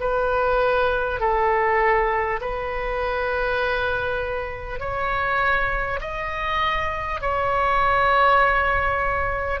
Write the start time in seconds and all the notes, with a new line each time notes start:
0.00 B4
1.19 A4
2.41 B4
4.79 C#5
6.00 D#5
7.20 C#5